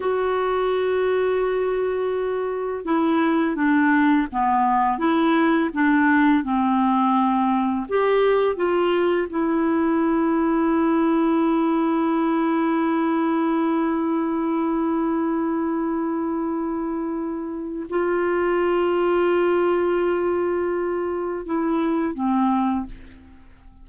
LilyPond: \new Staff \with { instrumentName = "clarinet" } { \time 4/4 \tempo 4 = 84 fis'1 | e'4 d'4 b4 e'4 | d'4 c'2 g'4 | f'4 e'2.~ |
e'1~ | e'1~ | e'4 f'2.~ | f'2 e'4 c'4 | }